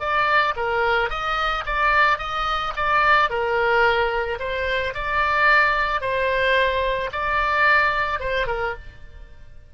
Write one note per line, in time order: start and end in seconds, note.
0.00 0.55 D5
0.56 1.10 A#4
1.10 1.64 D#5
1.66 2.18 D5
2.18 2.73 D#5
2.76 3.30 D5
3.30 4.39 A#4
4.40 4.94 C5
4.94 6.01 D5
6.01 7.10 C5
7.12 8.20 D5
8.20 8.47 C5
8.47 8.74 A#4